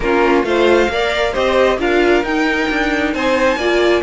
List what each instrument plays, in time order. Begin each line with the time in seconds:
0.00 cello A#3, viola C#4, violin F4 A#4
0.43 cello A3, viola F4, violin C5 F5
0.89 cello A#3, viola A#4, violin D5
1.32 cello C4, viola G4, violin C5 D#5
1.78 cello D4, viola F4, violin A#4 F5
2.23 cello D#4, viola D#4, violin G5
2.69 cello D4
3.13 cello C4, violin C5 G#5
3.56 cello A#3, viola F4, violin D5